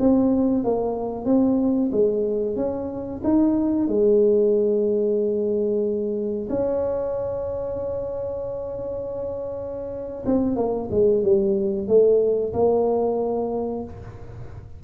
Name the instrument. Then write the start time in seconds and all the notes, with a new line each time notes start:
tuba
0.00 C4
0.64 A#3
1.25 C4
1.92 G#3
2.56 C#4
3.24 D#4
3.87 G#3
6.50 C#4
10.26 C4
10.56 A#3
10.91 G#3
11.23 G3
11.88 A3
12.53 A#3